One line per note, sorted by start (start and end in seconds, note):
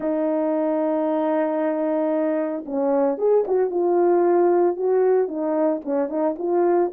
0.00 2.64 D#4
2.65 3.18 C#4
3.18 3.44 G#4
3.47 3.70 F#4
3.70 4.76 F4
4.76 5.28 F#4
5.28 5.81 D#4
5.84 6.09 C#4
6.09 6.35 D#4
6.38 6.91 F4